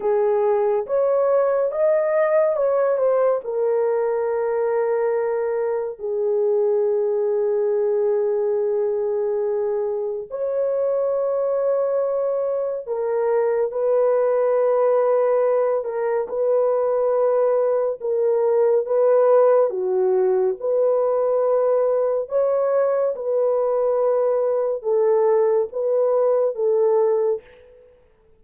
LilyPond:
\new Staff \with { instrumentName = "horn" } { \time 4/4 \tempo 4 = 70 gis'4 cis''4 dis''4 cis''8 c''8 | ais'2. gis'4~ | gis'1 | cis''2. ais'4 |
b'2~ b'8 ais'8 b'4~ | b'4 ais'4 b'4 fis'4 | b'2 cis''4 b'4~ | b'4 a'4 b'4 a'4 | }